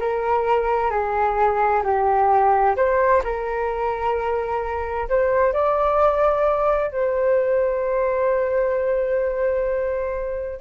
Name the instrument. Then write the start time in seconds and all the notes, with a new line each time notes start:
flute
0.00 A#4
0.91 G#4
1.84 G4
2.76 C5
3.24 A#4
5.09 C5
5.53 D5
6.91 C5